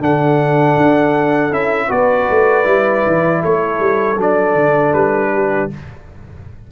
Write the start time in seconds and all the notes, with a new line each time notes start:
0.00 D3 D4 A4 F#5
0.76 D4
1.50 C#4 E4 E5
1.87 B3 F#4 B4 D5
2.29 A3
2.64 G3 E4
3.06 E3
3.41 A3 A4 C#5
3.79 G3
4.17 F#3 D4 D5
4.54 D3
4.93 G3 B4
5.33 G4